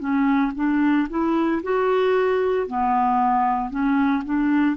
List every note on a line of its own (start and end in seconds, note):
0.00 0.53 C#4
0.56 1.08 D4
1.10 1.62 E4
1.64 2.67 F#4
2.67 3.71 B3
3.71 4.23 C#4
4.25 4.77 D4